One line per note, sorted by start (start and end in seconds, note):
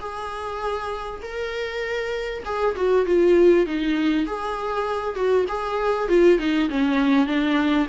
0.00 1.21 G#4
1.22 2.44 A#4
2.45 2.76 G#4
2.76 3.06 F#4
3.06 3.66 F4
3.66 4.26 D#4
4.26 5.15 G#4
5.15 5.46 F#4
5.49 6.09 G#4
6.09 6.39 F4
6.39 6.69 D#4
6.70 7.27 C#4
7.27 7.87 D4